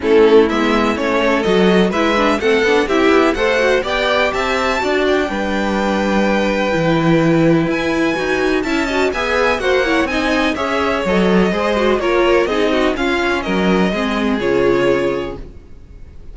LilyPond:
<<
  \new Staff \with { instrumentName = "violin" } { \time 4/4 \tempo 4 = 125 a'4 e''4 cis''4 dis''4 | e''4 fis''4 e''4 fis''4 | g''4 a''4. g''4.~ | g''1 |
gis''2 a''4 gis''4 | fis''4 gis''4 e''4 dis''4~ | dis''4 cis''4 dis''4 f''4 | dis''2 cis''2 | }
  \new Staff \with { instrumentName = "violin" } { \time 4/4 e'2~ e'8 a'4. | b'4 a'4 g'4 c''4 | d''4 e''4 d''4 b'4~ | b'1~ |
b'2 e''8 dis''8 e''4 | c''8 cis''8 dis''4 cis''2 | c''4 ais'4 gis'8 fis'8 f'4 | ais'4 gis'2. | }
  \new Staff \with { instrumentName = "viola" } { \time 4/4 cis'4 b4 cis'4 fis'4 | e'8 d'8 c'8 d'8 e'4 a'8 fis'8 | g'2 fis'4 d'4~ | d'2 e'2~ |
e'4 fis'4 e'8 fis'8 gis'4 | fis'8 e'8 dis'4 gis'4 a'4 | gis'8 fis'8 f'4 dis'4 cis'4~ | cis'4 c'4 f'2 | }
  \new Staff \with { instrumentName = "cello" } { \time 4/4 a4 gis4 a4 fis4 | gis4 a8 b8 c'8 b8 a4 | b4 c'4 d'4 g4~ | g2 e2 |
e'4 dis'4 cis'4 b4 | ais4 c'4 cis'4 fis4 | gis4 ais4 c'4 cis'4 | fis4 gis4 cis2 | }
>>